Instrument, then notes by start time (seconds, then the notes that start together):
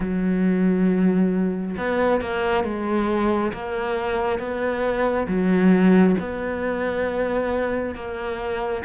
cello
0.00 F#3
1.77 B3
2.20 A#3
2.64 G#3
3.53 A#3
4.38 B3
5.27 F#3
6.19 B3
7.95 A#3